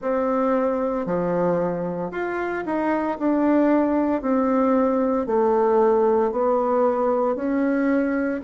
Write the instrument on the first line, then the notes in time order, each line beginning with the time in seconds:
bassoon
0.01 C4
1.05 F3
2.11 F4
2.65 D#4
3.18 D4
4.21 C4
5.26 A3
6.32 B3
7.35 C#4